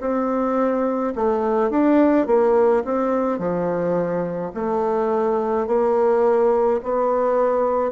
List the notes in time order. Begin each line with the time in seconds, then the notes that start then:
0.00 C4
1.15 A3
1.70 D4
2.26 A#3
2.85 C4
3.38 F3
4.54 A3
5.67 A#3
6.82 B3